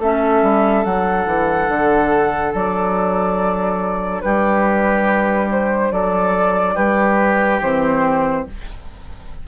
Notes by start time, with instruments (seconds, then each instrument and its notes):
0.00 bassoon A3, clarinet C#4, oboe A4, flute E5
0.43 bassoon G3
0.85 bassoon F#3, clarinet D4, flute F#5
1.26 bassoon E3
1.69 bassoon D3
2.55 bassoon F#3, flute D5
4.21 bassoon G3, oboe G4, flute B4
5.52 flute C5
5.92 bassoon F#3, oboe A4, flute D5
6.75 bassoon G3, oboe G4, flute B4
7.61 bassoon E3, clarinet C4, flute C5